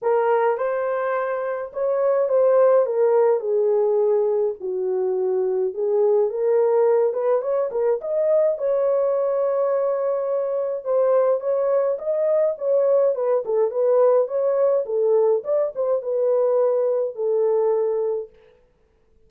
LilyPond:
\new Staff \with { instrumentName = "horn" } { \time 4/4 \tempo 4 = 105 ais'4 c''2 cis''4 | c''4 ais'4 gis'2 | fis'2 gis'4 ais'4~ | ais'8 b'8 cis''8 ais'8 dis''4 cis''4~ |
cis''2. c''4 | cis''4 dis''4 cis''4 b'8 a'8 | b'4 cis''4 a'4 d''8 c''8 | b'2 a'2 | }